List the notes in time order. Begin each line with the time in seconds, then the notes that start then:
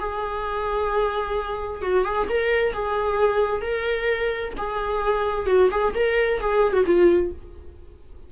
0.00 G#4
1.82 F#4
2.05 G#4
2.29 A#4
2.73 G#4
3.62 A#4
4.58 G#4
5.47 F#4
5.71 G#4
5.95 A#4
6.41 G#4
6.73 F#4
6.86 F4